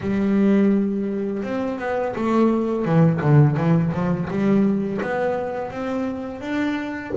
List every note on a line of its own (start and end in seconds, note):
0.00 1.43 G3
1.43 1.79 C4
1.79 2.14 B3
2.15 2.85 A3
2.85 3.20 E3
3.21 3.56 D3
3.56 3.92 E3
3.93 4.28 F3
4.30 5.01 G3
5.01 5.70 B3
5.70 6.41 C4
6.41 7.12 D4